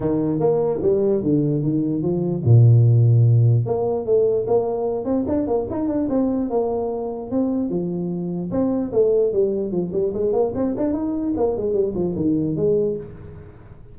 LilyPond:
\new Staff \with { instrumentName = "tuba" } { \time 4/4 \tempo 4 = 148 dis4 ais4 g4 d4 | dis4 f4 ais,2~ | ais,4 ais4 a4 ais4~ | ais8 c'8 d'8 ais8 dis'8 d'8 c'4 |
ais2 c'4 f4~ | f4 c'4 a4 g4 | f8 g8 gis8 ais8 c'8 d'8 dis'4 | ais8 gis8 g8 f8 dis4 gis4 | }